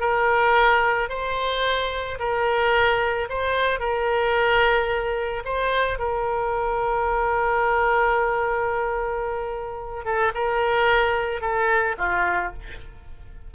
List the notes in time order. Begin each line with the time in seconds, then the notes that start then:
0.00 A#4
1.09 C5
2.19 A#4
3.29 C5
3.80 A#4
5.45 C5
5.99 A#4
10.05 A4
10.34 A#4
11.41 A4
11.98 F4